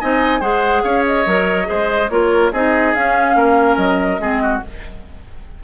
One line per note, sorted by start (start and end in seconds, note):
0.00 0.41 C4
0.00 0.41 D#4
0.00 0.40 D#5
0.00 0.42 G#5
0.40 0.83 G#3
0.40 1.25 G#4
0.40 0.82 C5
0.40 0.83 F#5
0.83 1.26 C#4
0.83 1.68 C#5
0.83 1.04 F5
1.07 2.10 D#5
1.26 1.68 F#3
1.26 1.65 A#4
1.65 2.10 G#3
1.65 2.07 G#4
1.65 2.11 C5
2.10 2.52 A#3
2.10 2.53 F4
2.10 2.52 A#4
2.10 2.52 C#5
2.52 2.95 C4
2.52 2.96 D#4
2.52 3.36 G#4
2.52 2.95 D#5
2.95 3.35 C#4
2.95 4.20 C#4
2.95 3.77 F5
3.35 3.77 A#3
3.35 4.21 A#4
3.77 4.19 F#3
3.77 4.61 D#5
4.19 4.61 G#3
4.19 4.62 C4
4.19 4.42 G#4
4.43 4.64 F#4